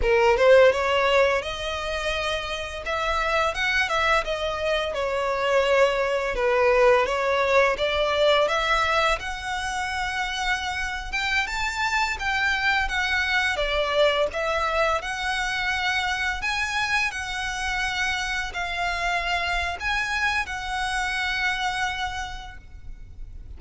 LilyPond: \new Staff \with { instrumentName = "violin" } { \time 4/4 \tempo 4 = 85 ais'8 c''8 cis''4 dis''2 | e''4 fis''8 e''8 dis''4 cis''4~ | cis''4 b'4 cis''4 d''4 | e''4 fis''2~ fis''8. g''16~ |
g''16 a''4 g''4 fis''4 d''8.~ | d''16 e''4 fis''2 gis''8.~ | gis''16 fis''2 f''4.~ f''16 | gis''4 fis''2. | }